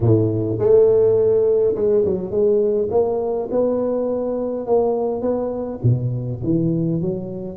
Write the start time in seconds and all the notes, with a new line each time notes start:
0.00 A2
0.58 A3
1.75 G#3
2.05 F#3
2.30 G#3
2.90 A#3
3.51 B3
4.66 A#3
5.21 B3
5.83 B2
6.43 E3
7.01 F#3